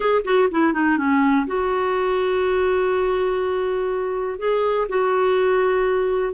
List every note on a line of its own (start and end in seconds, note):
0.00 0.22 G#4
0.24 0.49 F#4
0.51 0.73 E4
0.73 0.97 D#4
0.97 1.46 C#4
1.46 4.39 F#4
4.39 4.87 G#4
4.88 6.33 F#4